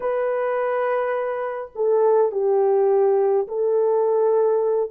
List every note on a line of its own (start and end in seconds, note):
0.00 1.71 B4
1.75 2.31 A4
2.31 3.47 G4
3.47 4.90 A4